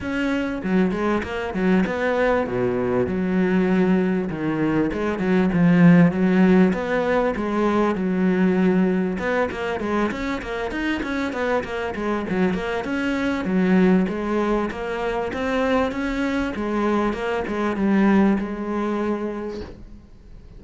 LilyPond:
\new Staff \with { instrumentName = "cello" } { \time 4/4 \tempo 4 = 98 cis'4 fis8 gis8 ais8 fis8 b4 | b,4 fis2 dis4 | gis8 fis8 f4 fis4 b4 | gis4 fis2 b8 ais8 |
gis8 cis'8 ais8 dis'8 cis'8 b8 ais8 gis8 | fis8 ais8 cis'4 fis4 gis4 | ais4 c'4 cis'4 gis4 | ais8 gis8 g4 gis2 | }